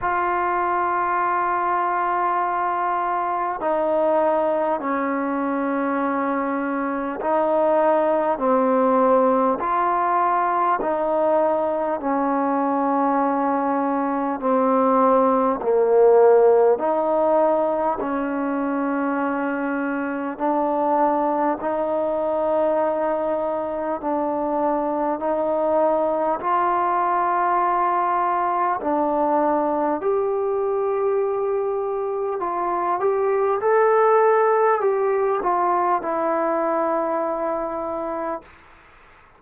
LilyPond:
\new Staff \with { instrumentName = "trombone" } { \time 4/4 \tempo 4 = 50 f'2. dis'4 | cis'2 dis'4 c'4 | f'4 dis'4 cis'2 | c'4 ais4 dis'4 cis'4~ |
cis'4 d'4 dis'2 | d'4 dis'4 f'2 | d'4 g'2 f'8 g'8 | a'4 g'8 f'8 e'2 | }